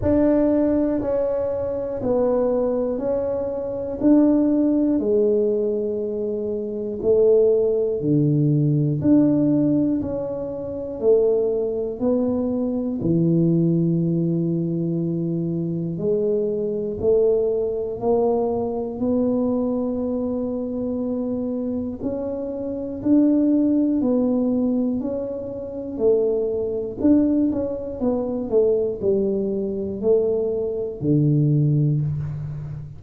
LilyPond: \new Staff \with { instrumentName = "tuba" } { \time 4/4 \tempo 4 = 60 d'4 cis'4 b4 cis'4 | d'4 gis2 a4 | d4 d'4 cis'4 a4 | b4 e2. |
gis4 a4 ais4 b4~ | b2 cis'4 d'4 | b4 cis'4 a4 d'8 cis'8 | b8 a8 g4 a4 d4 | }